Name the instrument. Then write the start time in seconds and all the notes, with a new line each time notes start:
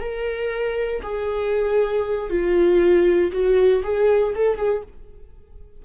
viola
0.00 A#4
1.03 G#4
2.30 F4
3.32 F#4
3.83 G#4
4.35 A4
4.57 G#4